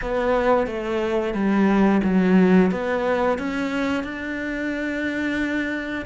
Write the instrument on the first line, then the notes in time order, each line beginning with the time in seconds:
cello
0.01 B3
0.66 A3
1.33 G3
2.03 F#3
2.71 B3
3.38 C#4
4.03 D4